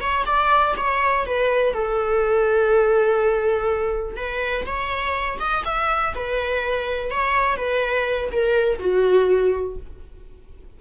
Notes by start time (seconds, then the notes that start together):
0.00 C#5
0.25 D5
0.76 C#5
1.25 B4
1.73 A4
4.16 B4
4.65 C#5
5.39 D#5
5.65 E5
6.15 B4
7.10 C#5
7.56 B4
8.31 A#4
8.79 F#4